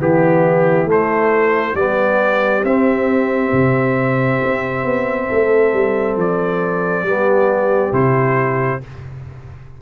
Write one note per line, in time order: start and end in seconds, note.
0.00 0.85 E3
0.00 0.87 B3
0.00 1.78 E4
0.00 0.90 G4
0.85 1.73 A3
0.85 1.76 A3
0.91 1.76 C5
1.74 2.63 G3
1.74 2.65 B3
1.74 5.28 G4
1.74 2.64 D5
2.64 3.52 C4
2.64 7.07 C4
2.64 6.18 E5
3.53 4.41 C3
4.44 4.85 C4
4.85 5.29 B3
5.28 5.74 A3
5.28 7.04 A4
5.74 6.17 G3
6.17 7.03 F3
6.17 7.94 D5
7.03 7.92 G3
7.03 7.93 B3
7.03 8.81 G4
7.93 8.81 C3
7.93 8.81 E4
7.93 8.82 C5